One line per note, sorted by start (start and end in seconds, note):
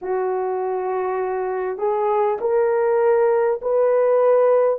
0.01 1.78 F#4
1.78 2.38 G#4
2.40 3.60 A#4
3.61 4.79 B4